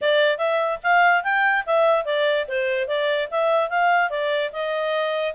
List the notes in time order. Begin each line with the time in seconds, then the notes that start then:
0.01 D5
0.37 E5
0.83 F5
1.23 G5
1.66 E5
2.05 D5
2.48 C5
2.87 D5
3.30 E5
3.69 F5
4.09 D5
4.52 D#5